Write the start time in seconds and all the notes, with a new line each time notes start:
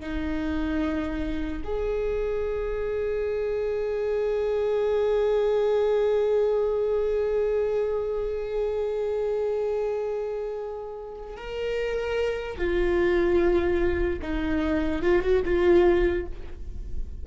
0.00 D#4
1.64 G#4
11.37 A#4
12.57 F4
14.22 D#4
15.02 F4
15.22 F#4
15.45 F4